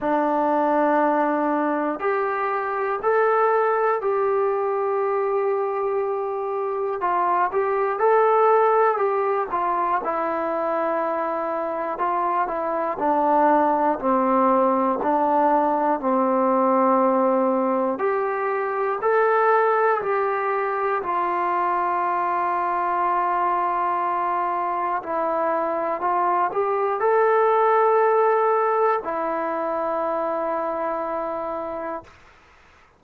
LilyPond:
\new Staff \with { instrumentName = "trombone" } { \time 4/4 \tempo 4 = 60 d'2 g'4 a'4 | g'2. f'8 g'8 | a'4 g'8 f'8 e'2 | f'8 e'8 d'4 c'4 d'4 |
c'2 g'4 a'4 | g'4 f'2.~ | f'4 e'4 f'8 g'8 a'4~ | a'4 e'2. | }